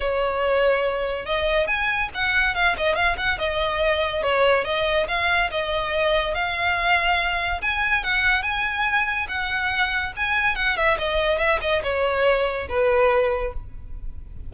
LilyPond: \new Staff \with { instrumentName = "violin" } { \time 4/4 \tempo 4 = 142 cis''2. dis''4 | gis''4 fis''4 f''8 dis''8 f''8 fis''8 | dis''2 cis''4 dis''4 | f''4 dis''2 f''4~ |
f''2 gis''4 fis''4 | gis''2 fis''2 | gis''4 fis''8 e''8 dis''4 e''8 dis''8 | cis''2 b'2 | }